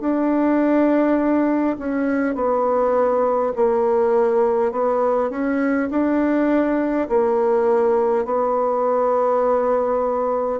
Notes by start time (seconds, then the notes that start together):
0.00 D4
1.78 C#4
2.35 B3
3.55 A#3
4.71 B3
5.30 C#4
5.90 D4
7.09 A#3
8.25 B3